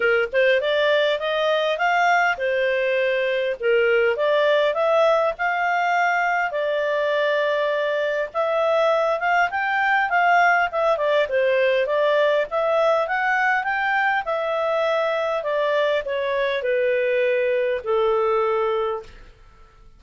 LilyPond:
\new Staff \with { instrumentName = "clarinet" } { \time 4/4 \tempo 4 = 101 ais'8 c''8 d''4 dis''4 f''4 | c''2 ais'4 d''4 | e''4 f''2 d''4~ | d''2 e''4. f''8 |
g''4 f''4 e''8 d''8 c''4 | d''4 e''4 fis''4 g''4 | e''2 d''4 cis''4 | b'2 a'2 | }